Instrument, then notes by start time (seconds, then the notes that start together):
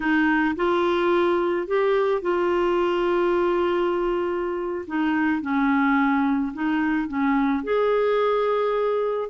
clarinet
0.00 D#4
0.56 F4
1.67 G4
2.21 F4
4.87 D#4
5.41 C#4
6.53 D#4
7.08 C#4
7.63 G#4